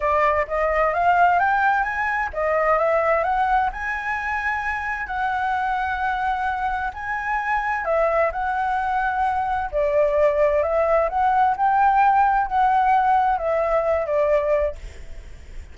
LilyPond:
\new Staff \with { instrumentName = "flute" } { \time 4/4 \tempo 4 = 130 d''4 dis''4 f''4 g''4 | gis''4 dis''4 e''4 fis''4 | gis''2. fis''4~ | fis''2. gis''4~ |
gis''4 e''4 fis''2~ | fis''4 d''2 e''4 | fis''4 g''2 fis''4~ | fis''4 e''4. d''4. | }